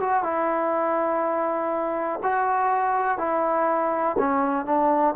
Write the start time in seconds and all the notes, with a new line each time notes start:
0.00 F#4
0.23 E4
2.23 F#4
3.18 E4
4.18 C#4
4.65 D4